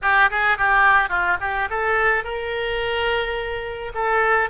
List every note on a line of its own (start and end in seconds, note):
0.02 0.30 G4
0.30 0.57 G#4
0.57 1.09 G4
1.09 1.37 F4
1.40 1.68 G4
1.70 2.24 A4
2.24 3.92 A#4
3.94 4.49 A4